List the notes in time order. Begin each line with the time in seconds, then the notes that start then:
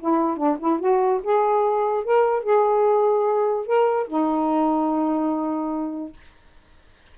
0.00 E4
0.37 D4
0.59 E4
0.80 F#4
1.23 G#4
2.04 A#4
2.43 G#4
3.66 A#4
4.07 D#4